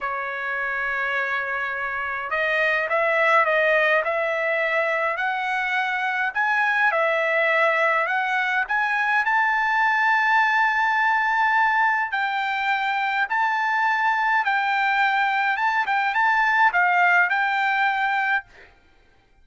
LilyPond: \new Staff \with { instrumentName = "trumpet" } { \time 4/4 \tempo 4 = 104 cis''1 | dis''4 e''4 dis''4 e''4~ | e''4 fis''2 gis''4 | e''2 fis''4 gis''4 |
a''1~ | a''4 g''2 a''4~ | a''4 g''2 a''8 g''8 | a''4 f''4 g''2 | }